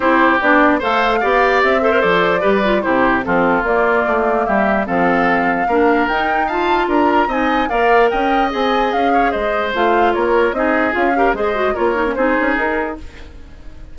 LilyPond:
<<
  \new Staff \with { instrumentName = "flute" } { \time 4/4 \tempo 4 = 148 c''4 d''4 f''2 | e''4 d''2 c''4 | a'4 d''2 e''4 | f''2. g''4 |
a''4 ais''4 gis''4 f''4 | g''4 gis''4 f''4 dis''4 | f''4 cis''4 dis''4 f''4 | dis''4 cis''4 c''4 ais'4 | }
  \new Staff \with { instrumentName = "oboe" } { \time 4/4 g'2 c''4 d''4~ | d''8 c''4. b'4 g'4 | f'2. g'4 | a'2 ais'2 |
f''4 ais'4 dis''4 d''4 | dis''2~ dis''8 cis''8 c''4~ | c''4 ais'4 gis'4. ais'8 | c''4 ais'4 gis'2 | }
  \new Staff \with { instrumentName = "clarinet" } { \time 4/4 e'4 d'4 a'4 g'4~ | g'8 a'16 ais'16 a'4 g'8 f'8 e'4 | c'4 ais2. | c'2 d'4 dis'4 |
f'2 dis'4 ais'4~ | ais'4 gis'2. | f'2 dis'4 f'8 g'8 | gis'8 fis'8 f'8 dis'16 cis'16 dis'2 | }
  \new Staff \with { instrumentName = "bassoon" } { \time 4/4 c'4 b4 a4 b4 | c'4 f4 g4 c4 | f4 ais4 a4 g4 | f2 ais4 dis'4~ |
dis'4 d'4 c'4 ais4 | cis'4 c'4 cis'4 gis4 | a4 ais4 c'4 cis'4 | gis4 ais4 c'8 cis'8 dis'4 | }
>>